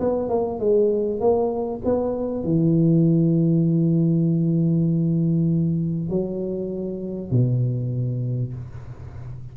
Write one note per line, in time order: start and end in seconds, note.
0.00 0.29 B3
0.29 0.60 A#3
0.60 1.21 G#3
1.21 1.82 A#3
1.85 2.44 B3
2.44 6.10 E3
6.10 7.31 F#3
7.31 8.54 B2